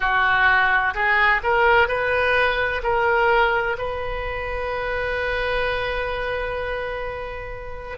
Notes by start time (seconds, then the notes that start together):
0.00 F#4
0.94 G#4
1.43 A#4
1.87 B4
2.83 A#4
3.78 B4